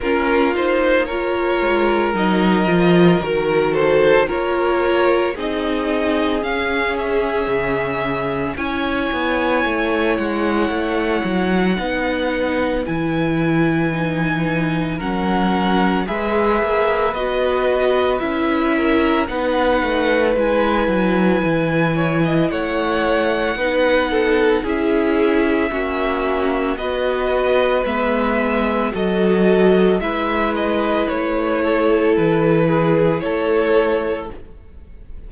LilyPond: <<
  \new Staff \with { instrumentName = "violin" } { \time 4/4 \tempo 4 = 56 ais'8 c''8 cis''4 dis''4 ais'8 c''8 | cis''4 dis''4 f''8 e''4. | gis''4. fis''2~ fis''8 | gis''2 fis''4 e''4 |
dis''4 e''4 fis''4 gis''4~ | gis''4 fis''2 e''4~ | e''4 dis''4 e''4 dis''4 | e''8 dis''8 cis''4 b'4 cis''4 | }
  \new Staff \with { instrumentName = "violin" } { \time 4/4 f'4 ais'2~ ais'8 a'8 | ais'4 gis'2. | cis''2. b'4~ | b'2 ais'4 b'4~ |
b'4. ais'8 b'2~ | b'8 cis''16 dis''16 cis''4 b'8 a'8 gis'4 | fis'4 b'2 a'4 | b'4. a'4 gis'8 a'4 | }
  \new Staff \with { instrumentName = "viola" } { \time 4/4 cis'8 dis'8 f'4 dis'8 f'8 fis'4 | f'4 dis'4 cis'2 | e'2. dis'4 | e'4 dis'4 cis'4 gis'4 |
fis'4 e'4 dis'4 e'4~ | e'2 dis'4 e'4 | cis'4 fis'4 b4 fis'4 | e'1 | }
  \new Staff \with { instrumentName = "cello" } { \time 4/4 ais4. gis8 fis8 f8 dis4 | ais4 c'4 cis'4 cis4 | cis'8 b8 a8 gis8 a8 fis8 b4 | e2 fis4 gis8 ais8 |
b4 cis'4 b8 a8 gis8 fis8 | e4 a4 b4 cis'4 | ais4 b4 gis4 fis4 | gis4 a4 e4 a4 | }
>>